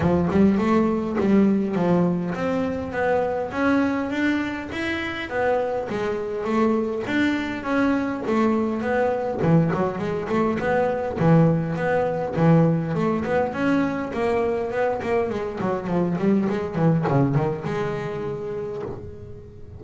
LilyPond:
\new Staff \with { instrumentName = "double bass" } { \time 4/4 \tempo 4 = 102 f8 g8 a4 g4 f4 | c'4 b4 cis'4 d'4 | e'4 b4 gis4 a4 | d'4 cis'4 a4 b4 |
e8 fis8 gis8 a8 b4 e4 | b4 e4 a8 b8 cis'4 | ais4 b8 ais8 gis8 fis8 f8 g8 | gis8 e8 cis8 dis8 gis2 | }